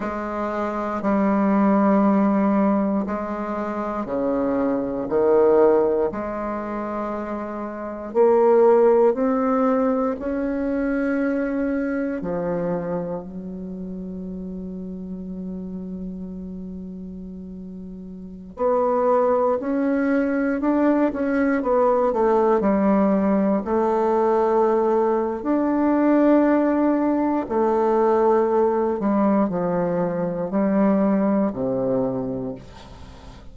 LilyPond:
\new Staff \with { instrumentName = "bassoon" } { \time 4/4 \tempo 4 = 59 gis4 g2 gis4 | cis4 dis4 gis2 | ais4 c'4 cis'2 | f4 fis2.~ |
fis2~ fis16 b4 cis'8.~ | cis'16 d'8 cis'8 b8 a8 g4 a8.~ | a4 d'2 a4~ | a8 g8 f4 g4 c4 | }